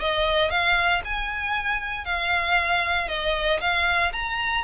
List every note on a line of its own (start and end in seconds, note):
0.00 0.50 D#5
0.50 1.02 F5
1.05 2.05 G#5
2.05 3.08 F5
3.08 3.60 D#5
3.60 4.12 F5
4.13 4.64 A#5